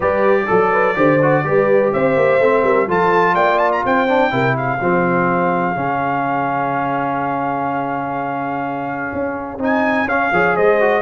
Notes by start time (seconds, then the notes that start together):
0.00 G3 G4 B4 D5
0.46 F#3 A4
0.72 B4
0.95 D3 G4 C5
1.22 F#4
1.44 G3 G4 B4
1.93 C4 C5 E5
2.16 A#3
2.39 A3 C4
2.63 G3 A#4
2.87 F3 F4 A4 A5
3.33 A#3 D5 G5
3.58 A5
3.71 A#5
3.85 C4 C5 G5
4.08 D4
4.30 C3 E4 A#4
4.56 G#4 F5
4.80 F3 C4
5.75 C#3 C#4
9.13 C#4
9.57 C4 D#4 G#5
10.04 C#4 F5
10.32 F3 G#4 C#5
10.56 G#3 C5 D#5
10.80 F#4